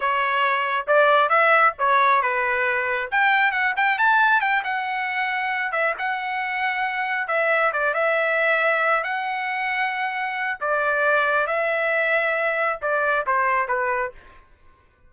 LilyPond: \new Staff \with { instrumentName = "trumpet" } { \time 4/4 \tempo 4 = 136 cis''2 d''4 e''4 | cis''4 b'2 g''4 | fis''8 g''8 a''4 g''8 fis''4.~ | fis''4 e''8 fis''2~ fis''8~ |
fis''8 e''4 d''8 e''2~ | e''8 fis''2.~ fis''8 | d''2 e''2~ | e''4 d''4 c''4 b'4 | }